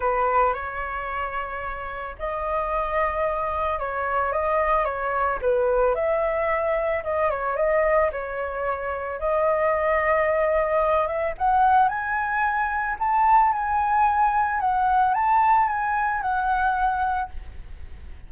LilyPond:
\new Staff \with { instrumentName = "flute" } { \time 4/4 \tempo 4 = 111 b'4 cis''2. | dis''2. cis''4 | dis''4 cis''4 b'4 e''4~ | e''4 dis''8 cis''8 dis''4 cis''4~ |
cis''4 dis''2.~ | dis''8 e''8 fis''4 gis''2 | a''4 gis''2 fis''4 | a''4 gis''4 fis''2 | }